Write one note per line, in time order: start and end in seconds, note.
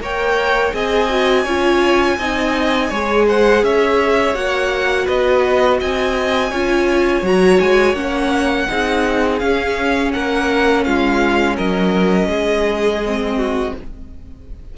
0.00 0.73 A#3
0.00 0.71 A#4
0.00 0.74 C#5
0.00 0.76 G5
0.71 1.45 C4
0.71 1.08 G#4
0.71 1.44 D#5
0.71 3.28 G#5
1.09 1.45 F#4
1.44 2.18 C#4
1.44 2.19 F4
1.44 2.16 C#5
2.18 2.90 C4
2.18 2.92 D#4
2.18 2.89 D#5
2.89 3.62 G#3
2.89 4.34 G#4
2.89 3.25 C#5
3.27 3.63 C5
3.27 3.64 F#5
3.62 4.34 C#4
3.62 5.05 C#5
3.62 4.35 E5
4.34 5.07 A#3
4.34 6.51 F#4
4.34 5.07 F#5
5.05 5.81 B3
5.05 5.77 B4
5.05 5.80 D#5
5.80 6.52 C4
5.80 6.50 D#5
5.80 7.25 G#5
6.50 7.22 C#4
6.50 7.24 F4
6.50 8.67 C#5
7.22 7.58 F#3
7.22 7.95 F#4
7.22 7.60 A#5
7.60 7.93 G#3
7.60 7.95 G#5
7.93 8.66 A#3
7.93 8.67 C#4
7.93 9.39 F#5
8.69 9.42 C4
8.69 9.40 D#4
8.69 10.14 G#4
9.39 13.01 C#4
9.39 10.14 C#4
9.39 10.11 F5
10.13 10.86 A#3
10.13 10.86 A#4
10.13 10.84 F#5
10.84 11.58 G#3
10.84 11.56 F4
10.84 11.56 F5
11.56 12.27 F#3
11.56 12.28 A#4
11.56 13.74 D#5
12.27 13.72 G#3
12.27 13.37 G#4
13.05 13.77 C4
13.37 13.73 F#4